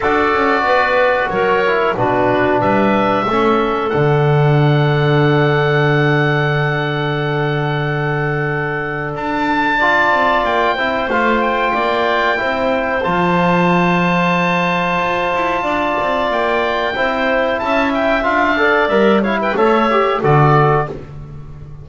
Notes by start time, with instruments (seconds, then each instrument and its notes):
0.00 double bass D4, trombone F#4, clarinet A4, oboe D5
0.33 double bass C#4
0.61 double bass B3, clarinet B4
1.29 double bass F#3, clarinet A#4, oboe C#5
1.66 trombone E4
1.96 double bass B2, trombone D4, clarinet F#4, oboe B4
2.59 double bass G3, clarinet B4, oboe E5
3.25 double bass A3, trombone C#4, clarinet A4
3.89 double bass D3, trombone D4, oboe F#5
9.15 double bass D4, oboe A5
9.77 trombone F4, clarinet D5
10.10 double bass C4
10.44 double bass A#3, oboe G5
10.74 double bass C4, trombone E4, clarinet C5
11.07 double bass A3, trombone F4, oboe F5
11.41 oboe G5
11.73 double bass A#3, clarinet D5
12.36 double bass C4, trombone E4, clarinet C5
13.03 double bass F3, trombone F4, oboe A5
14.99 double bass F4
15.34 double bass E4
15.63 double bass D4, clarinet D5
16.00 double bass C4
16.29 double bass A#3, oboe G5
16.95 double bass C4, trombone E4, clarinet C5
17.59 double bass C#4, clarinet E5, oboe A5
17.94 oboe G5
18.23 double bass D4, trombone F4, oboe F5
18.56 trombone A4, clarinet D5
18.88 double bass G3, trombone A#4, oboe E5
19.22 trombone E4, clarinet C#5, oboe F5
19.41 clarinet B4, oboe G5
19.56 double bass A3, trombone A4, clarinet C#5, oboe E5
19.90 trombone G4
20.20 double bass D3, trombone F#4, clarinet A4, oboe D5